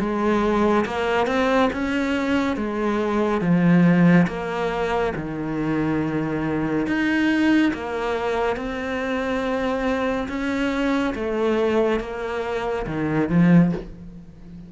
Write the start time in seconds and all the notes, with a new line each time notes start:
0.00 G#3
0.86 A#3
1.27 C4
1.73 C#4
2.57 G#3
3.41 F3
4.27 A#3
5.16 D#3
6.87 D#4
7.74 A#3
8.56 C4
10.29 C#4
11.15 A3
12.00 A#3
12.86 D#3
13.29 F3